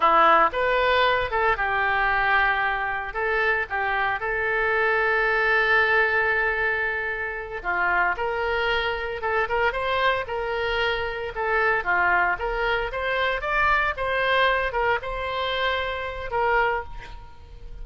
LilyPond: \new Staff \with { instrumentName = "oboe" } { \time 4/4 \tempo 4 = 114 e'4 b'4. a'8 g'4~ | g'2 a'4 g'4 | a'1~ | a'2~ a'8 f'4 ais'8~ |
ais'4. a'8 ais'8 c''4 ais'8~ | ais'4. a'4 f'4 ais'8~ | ais'8 c''4 d''4 c''4. | ais'8 c''2~ c''8 ais'4 | }